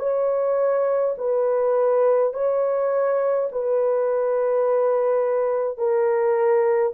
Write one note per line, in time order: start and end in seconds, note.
0.00 1.15 C#5
1.18 2.33 B4
2.34 3.49 C#5
3.52 5.78 B4
5.78 6.93 A#4